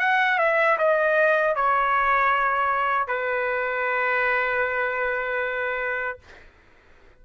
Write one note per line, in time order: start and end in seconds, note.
0.00 0.39 F#5
0.39 0.78 E5
0.79 1.56 D#5
1.56 3.08 C#5
3.08 6.19 B4